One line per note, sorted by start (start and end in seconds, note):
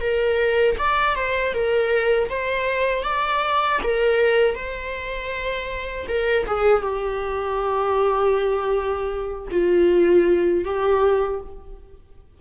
0.00 0.76 A#4
0.78 1.15 D5
1.15 1.53 C5
1.53 2.29 A#4
2.29 3.03 C5
3.03 3.79 D5
3.83 4.55 A#4
4.55 6.07 C5
6.08 6.46 A#4
6.46 6.82 G#4
6.82 9.48 G4
9.51 10.64 F4
10.64 11.40 G4